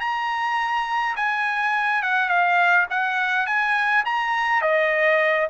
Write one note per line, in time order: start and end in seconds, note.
0.00 1.15 A#5
1.16 2.02 G#5
2.02 2.29 F#5
2.29 2.86 F5
2.90 3.46 F#5
3.46 4.04 G#5
4.05 4.61 A#5
4.61 5.48 D#5